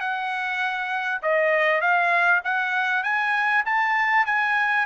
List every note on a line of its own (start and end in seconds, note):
0.00 1.21 F#5
1.22 1.81 D#5
1.81 2.42 F5
2.44 3.04 F#5
3.04 3.64 G#5
3.66 4.26 A5
4.26 4.86 G#5